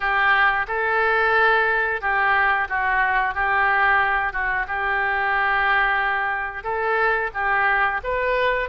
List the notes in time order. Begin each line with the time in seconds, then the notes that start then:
0.00 G4
0.67 A4
2.01 G4
2.68 F#4
3.34 G4
4.32 F#4
4.67 G4
6.63 A4
7.34 G4
8.03 B4